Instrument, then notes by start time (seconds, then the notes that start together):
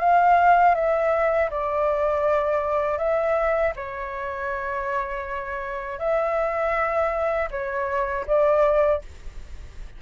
flute
0.00 F5
0.75 E5
1.51 D5
2.98 E5
3.76 C#5
5.99 E5
7.51 C#5
8.27 D5